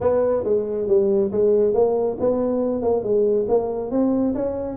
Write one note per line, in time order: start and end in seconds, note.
0.00 0.43 B3
0.43 0.87 G#3
0.87 1.31 G3
1.31 1.73 G#3
1.73 2.17 A#3
2.20 2.82 B3
2.82 3.03 A#3
3.03 3.46 G#3
3.48 3.91 A#3
3.91 4.34 C4
4.35 4.77 C#4